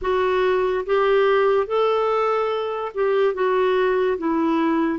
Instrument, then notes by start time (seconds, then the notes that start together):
clarinet
0.01 F#4
0.86 G4
1.67 A4
2.94 G4
3.34 F#4
4.17 E4